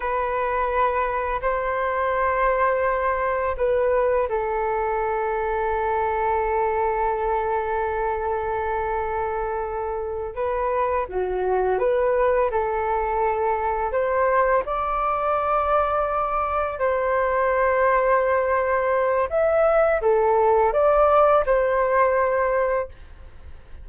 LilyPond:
\new Staff \with { instrumentName = "flute" } { \time 4/4 \tempo 4 = 84 b'2 c''2~ | c''4 b'4 a'2~ | a'1~ | a'2~ a'8 b'4 fis'8~ |
fis'8 b'4 a'2 c''8~ | c''8 d''2. c''8~ | c''2. e''4 | a'4 d''4 c''2 | }